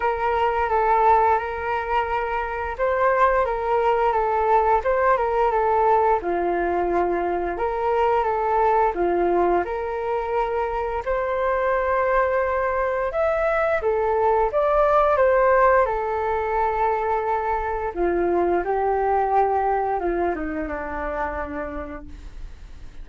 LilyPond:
\new Staff \with { instrumentName = "flute" } { \time 4/4 \tempo 4 = 87 ais'4 a'4 ais'2 | c''4 ais'4 a'4 c''8 ais'8 | a'4 f'2 ais'4 | a'4 f'4 ais'2 |
c''2. e''4 | a'4 d''4 c''4 a'4~ | a'2 f'4 g'4~ | g'4 f'8 dis'8 d'2 | }